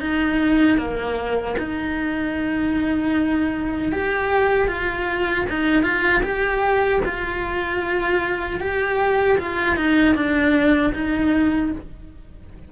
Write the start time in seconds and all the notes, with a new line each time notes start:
0.00 D#4
0.78 A#3
1.58 D#4
3.92 G4
4.68 F4
5.49 D#4
5.82 F4
6.23 G4
7.05 F4
8.60 G4
9.38 F4
9.76 D#4
10.15 D4
10.93 D#4